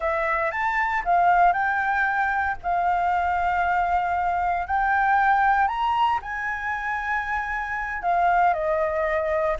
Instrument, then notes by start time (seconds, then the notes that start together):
flute
0.00 E5
0.51 A5
1.04 F5
1.52 G5
2.62 F5
4.66 G5
5.67 A#5
6.22 G#5
8.02 F5
8.53 D#5